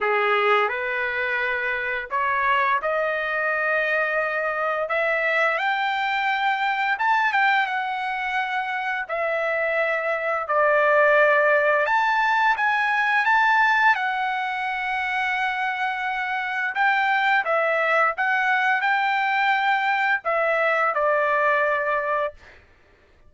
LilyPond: \new Staff \with { instrumentName = "trumpet" } { \time 4/4 \tempo 4 = 86 gis'4 b'2 cis''4 | dis''2. e''4 | g''2 a''8 g''8 fis''4~ | fis''4 e''2 d''4~ |
d''4 a''4 gis''4 a''4 | fis''1 | g''4 e''4 fis''4 g''4~ | g''4 e''4 d''2 | }